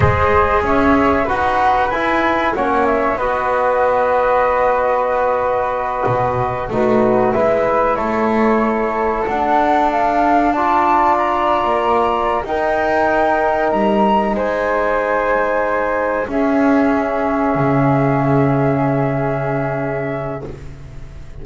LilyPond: <<
  \new Staff \with { instrumentName = "flute" } { \time 4/4 \tempo 4 = 94 dis''4 e''4 fis''4 gis''4 | fis''8 e''8 dis''2.~ | dis''2~ dis''8 b'4 e''8~ | e''8 cis''2 fis''4 f''8~ |
f''8 a''4 ais''2 g''8~ | g''4. ais''4 gis''4.~ | gis''4. e''2~ e''8~ | e''1 | }
  \new Staff \with { instrumentName = "flute" } { \time 4/4 c''4 cis''4 b'2 | cis''4 b'2.~ | b'2~ b'8 fis'4 b'8~ | b'8 a'2.~ a'8~ |
a'8 d''2. ais'8~ | ais'2~ ais'8 c''4.~ | c''4. gis'2~ gis'8~ | gis'1 | }
  \new Staff \with { instrumentName = "trombone" } { \time 4/4 gis'2 fis'4 e'4 | cis'4 fis'2.~ | fis'2~ fis'8 dis'4 e'8~ | e'2~ e'8 d'4.~ |
d'8 f'2. dis'8~ | dis'1~ | dis'4. cis'2~ cis'8~ | cis'1 | }
  \new Staff \with { instrumentName = "double bass" } { \time 4/4 gis4 cis'4 dis'4 e'4 | ais4 b2.~ | b4. b,4 a4 gis8~ | gis8 a2 d'4.~ |
d'2~ d'16 ais4~ ais16 dis'8~ | dis'4. g4 gis4.~ | gis4. cis'2 cis8~ | cis1 | }
>>